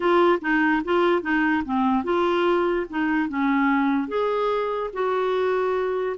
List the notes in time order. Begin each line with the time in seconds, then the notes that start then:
0.00 F4
0.41 D#4
0.84 F4
1.22 D#4
1.64 C4
2.04 F4
2.89 D#4
3.28 C#4
4.08 G#4
4.93 F#4